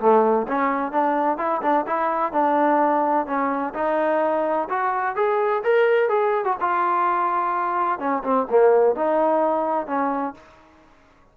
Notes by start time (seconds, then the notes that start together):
0.00 A3
0.48 C#4
0.92 D4
1.38 E4
1.62 D4
1.87 E4
2.33 D4
3.27 C#4
3.75 D#4
4.69 F#4
5.16 G#4
5.64 A#4
6.09 G#4
6.45 F#4
6.61 F4
7.99 C#4
8.24 C4
8.50 A#3
8.96 D#4
9.87 C#4